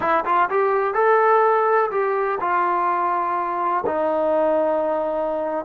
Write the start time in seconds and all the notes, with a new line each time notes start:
0.00 E4
0.25 F4
0.50 G4
0.94 A4
1.90 G4
2.40 F4
3.85 D#4